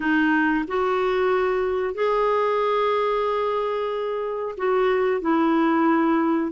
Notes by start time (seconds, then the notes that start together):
0.00 D#4
0.67 F#4
1.94 G#4
4.57 F#4
5.21 E4